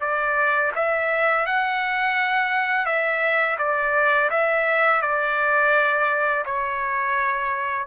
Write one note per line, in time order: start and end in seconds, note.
0.00 0.71 D5
0.75 1.46 E5
1.46 2.85 F#5
2.85 3.57 E5
3.58 4.29 D5
4.30 5.02 E5
5.02 6.44 D5
6.45 7.86 C#5